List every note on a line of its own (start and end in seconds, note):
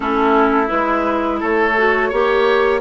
0.00 0.69 A3
0.00 0.66 C#4
0.00 1.39 E4
0.00 0.68 A4
0.66 1.41 G#3
0.66 1.72 E4
0.66 1.39 B4
1.39 2.12 A3
1.39 2.09 A4
1.39 2.81 C#5
1.77 2.12 F#4
2.09 2.81 A#3
2.09 2.81 G4
2.09 2.80 C#5